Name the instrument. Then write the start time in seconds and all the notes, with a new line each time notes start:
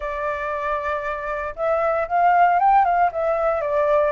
flute
0.00 D5
1.55 E5
2.08 F5
2.59 G5
2.84 F5
3.12 E5
3.61 D5